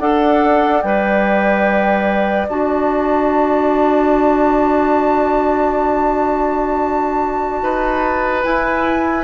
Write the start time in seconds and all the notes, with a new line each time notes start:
0.00 D4 A4 D5 F#5
0.83 G3 B4 G5
2.49 D4 F#4 A5
7.62 D#4 B4
8.43 E4 G#5